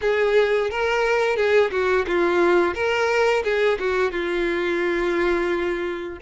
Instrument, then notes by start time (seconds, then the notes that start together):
violin
0.01 G#4
0.70 A#4
1.36 G#4
1.71 F#4
2.07 F4
2.74 A#4
3.44 G#4
3.79 F#4
4.11 F4